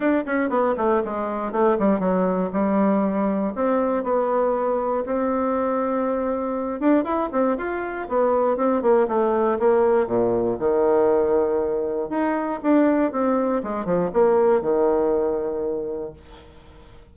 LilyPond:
\new Staff \with { instrumentName = "bassoon" } { \time 4/4 \tempo 4 = 119 d'8 cis'8 b8 a8 gis4 a8 g8 | fis4 g2 c'4 | b2 c'2~ | c'4. d'8 e'8 c'8 f'4 |
b4 c'8 ais8 a4 ais4 | ais,4 dis2. | dis'4 d'4 c'4 gis8 f8 | ais4 dis2. | }